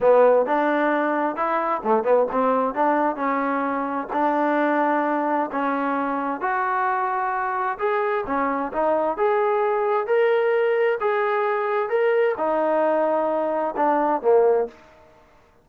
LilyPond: \new Staff \with { instrumentName = "trombone" } { \time 4/4 \tempo 4 = 131 b4 d'2 e'4 | a8 b8 c'4 d'4 cis'4~ | cis'4 d'2. | cis'2 fis'2~ |
fis'4 gis'4 cis'4 dis'4 | gis'2 ais'2 | gis'2 ais'4 dis'4~ | dis'2 d'4 ais4 | }